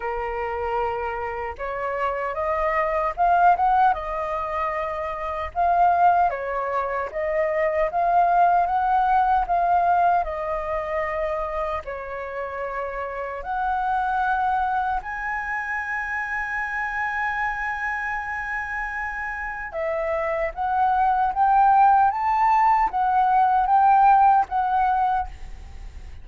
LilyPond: \new Staff \with { instrumentName = "flute" } { \time 4/4 \tempo 4 = 76 ais'2 cis''4 dis''4 | f''8 fis''8 dis''2 f''4 | cis''4 dis''4 f''4 fis''4 | f''4 dis''2 cis''4~ |
cis''4 fis''2 gis''4~ | gis''1~ | gis''4 e''4 fis''4 g''4 | a''4 fis''4 g''4 fis''4 | }